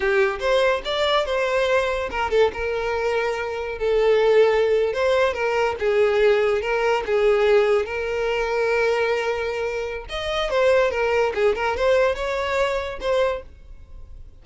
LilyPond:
\new Staff \with { instrumentName = "violin" } { \time 4/4 \tempo 4 = 143 g'4 c''4 d''4 c''4~ | c''4 ais'8 a'8 ais'2~ | ais'4 a'2~ a'8. c''16~ | c''8. ais'4 gis'2 ais'16~ |
ais'8. gis'2 ais'4~ ais'16~ | ais'1 | dis''4 c''4 ais'4 gis'8 ais'8 | c''4 cis''2 c''4 | }